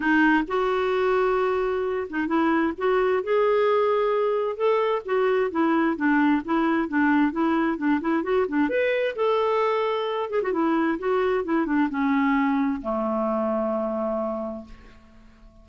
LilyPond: \new Staff \with { instrumentName = "clarinet" } { \time 4/4 \tempo 4 = 131 dis'4 fis'2.~ | fis'8 dis'8 e'4 fis'4 gis'4~ | gis'2 a'4 fis'4 | e'4 d'4 e'4 d'4 |
e'4 d'8 e'8 fis'8 d'8 b'4 | a'2~ a'8 gis'16 fis'16 e'4 | fis'4 e'8 d'8 cis'2 | a1 | }